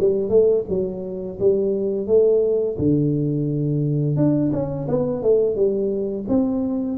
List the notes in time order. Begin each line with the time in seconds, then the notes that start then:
0.00 G3
0.29 A3
0.69 F#3
1.40 G3
2.07 A3
2.79 D3
4.17 D4
4.53 C#4
4.88 B3
5.23 A3
5.56 G3
6.29 C4